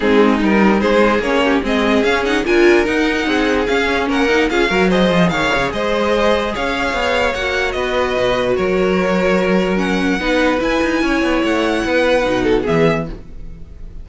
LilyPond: <<
  \new Staff \with { instrumentName = "violin" } { \time 4/4 \tempo 4 = 147 gis'4 ais'4 c''4 cis''4 | dis''4 f''8 fis''8 gis''4 fis''4~ | fis''4 f''4 fis''4 f''4 | dis''4 f''4 dis''2 |
f''2 fis''4 dis''4~ | dis''4 cis''2. | fis''2 gis''2 | fis''2. e''4 | }
  \new Staff \with { instrumentName = "violin" } { \time 4/4 dis'2 gis'4. g'8 | gis'2 ais'2 | gis'2 ais'4 gis'8 ais'8 | c''4 cis''4 c''2 |
cis''2. b'4~ | b'4 ais'2.~ | ais'4 b'2 cis''4~ | cis''4 b'4. a'8 gis'4 | }
  \new Staff \with { instrumentName = "viola" } { \time 4/4 c'4 dis'2 cis'4 | c'4 cis'8 dis'8 f'4 dis'4~ | dis'4 cis'4. dis'8 f'8 fis'8 | gis'1~ |
gis'2 fis'2~ | fis'1 | cis'4 dis'4 e'2~ | e'2 dis'4 b4 | }
  \new Staff \with { instrumentName = "cello" } { \time 4/4 gis4 g4 gis4 ais4 | gis4 cis'4 d'4 dis'4 | c'4 cis'4 ais4 cis'8 fis8~ | fis8 f8 dis8 cis8 gis2 |
cis'4 b4 ais4 b4 | b,4 fis2.~ | fis4 b4 e'8 dis'8 cis'8 b8 | a4 b4 b,4 e4 | }
>>